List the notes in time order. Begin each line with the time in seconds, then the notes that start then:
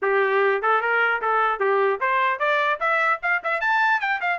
0.01 G4
0.62 A4
0.81 A#4
1.21 A4
1.59 G4
2.00 C5
2.39 D5
2.80 E5
3.22 F5
3.43 E5
3.60 A5
4.00 G5
4.21 F5